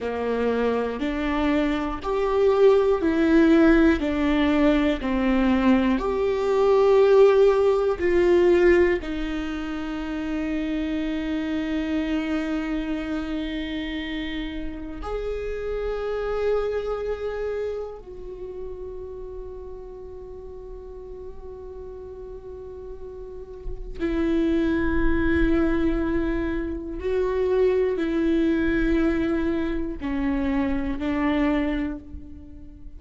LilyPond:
\new Staff \with { instrumentName = "viola" } { \time 4/4 \tempo 4 = 60 ais4 d'4 g'4 e'4 | d'4 c'4 g'2 | f'4 dis'2.~ | dis'2. gis'4~ |
gis'2 fis'2~ | fis'1 | e'2. fis'4 | e'2 cis'4 d'4 | }